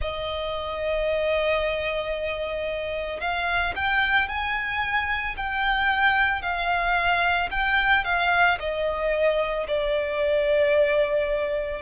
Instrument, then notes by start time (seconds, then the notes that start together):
violin
0.00 D#5
3.20 F5
3.75 G5
4.28 G#5
5.36 G5
6.41 F5
7.50 G5
8.04 F5
8.60 D#5
9.67 D5